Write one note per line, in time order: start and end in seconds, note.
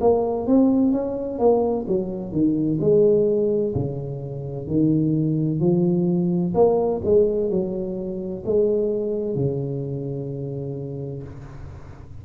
0.00 0.46 A#3
0.46 0.92 C4
0.92 1.38 C#4
1.38 1.85 A#3
1.87 2.32 F#3
2.32 2.79 D#3
2.80 3.74 G#3
3.75 4.67 C#3
4.67 5.60 D#3
5.60 6.53 F3
6.54 7.01 A#3
7.04 7.50 G#3
7.50 8.43 F#3
8.45 9.35 G#3
9.35 11.22 C#3